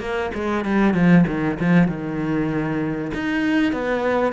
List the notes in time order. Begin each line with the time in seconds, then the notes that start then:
0.00 A#3
0.34 G#3
0.64 G3
0.94 F3
1.27 D#3
1.59 F3
1.88 D#3
3.14 D#4
3.72 B3